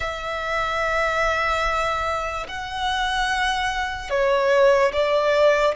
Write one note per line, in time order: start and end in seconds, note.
0.00 2.47 E5
2.47 4.09 F#5
4.09 4.92 C#5
4.92 5.75 D5